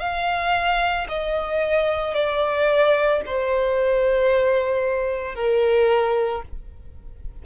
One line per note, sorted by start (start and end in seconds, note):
0.00 1.07 F5
1.09 2.15 D#5
2.15 3.22 D5
3.26 5.35 C5
5.35 6.42 A#4